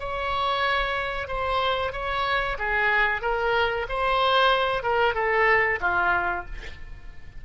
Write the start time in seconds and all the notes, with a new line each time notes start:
0.00 C#5
1.28 C5
1.93 C#5
2.58 G#4
3.22 A#4
3.89 C5
4.83 A#4
5.15 A4
5.81 F4